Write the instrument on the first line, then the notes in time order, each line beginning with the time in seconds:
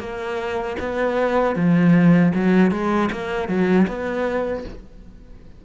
cello
0.00 A#3
0.80 B3
1.56 F3
2.35 F#3
2.72 G#3
3.13 A#3
3.49 F#3
3.88 B3